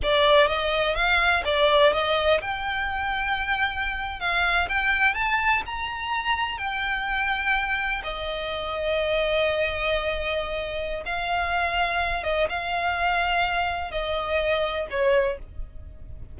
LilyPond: \new Staff \with { instrumentName = "violin" } { \time 4/4 \tempo 4 = 125 d''4 dis''4 f''4 d''4 | dis''4 g''2.~ | g''8. f''4 g''4 a''4 ais''16~ | ais''4.~ ais''16 g''2~ g''16~ |
g''8. dis''2.~ dis''16~ | dis''2. f''4~ | f''4. dis''8 f''2~ | f''4 dis''2 cis''4 | }